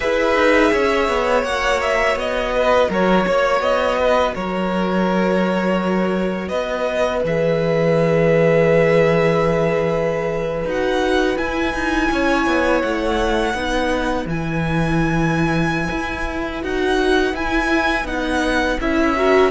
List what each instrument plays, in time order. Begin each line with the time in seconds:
0.00 cello E4, viola G#4, violin B4 E5
0.35 cello D#4
0.72 cello C#4, violin C#5
1.08 cello B3
1.43 cello A#3, viola F#4, violin F#5
1.81 violin E5
2.15 cello B3, violin D#5
2.55 violin B4
2.89 cello F#3, violin A#4 C#5
3.26 cello A#3, violin C#5
3.60 cello B3, violin D#5
3.98 violin B4
4.34 cello F#3, violin A#4 C#5
6.48 cello B3, violin B4 D#5
7.24 cello E3, viola G#4, violin E5
10.64 cello D#4, viola F#4, violin F#5
11.37 viola E4, cello E4, violin G#5
11.73 cello D#4
12.11 cello C#4, violin C#5
12.46 cello B3
12.81 cello A3, violin F#5
13.53 cello B3, viola D#4, violin B4
14.25 cello E3, viola E4, violin G#5
15.90 cello E4
16.61 cello D#4, viola F#4, violin F#5
17.33 cello E4, viola E4, violin G#5
18.04 cello B3, viola D#4, violin F#5
18.80 cello C#4, viola E4, violin E5
19.16 viola F#4, violin A#4